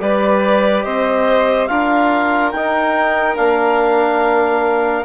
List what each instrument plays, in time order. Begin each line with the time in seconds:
0.00 bassoon G3, trombone G4, violin B4, clarinet D5
0.84 bassoon C4, violin C5, clarinet D#5
1.67 bassoon D4, trombone F4, violin A#4, clarinet F5
2.51 bassoon D#4, trombone D#4, clarinet G5
3.36 bassoon A#3, trombone D4, clarinet F5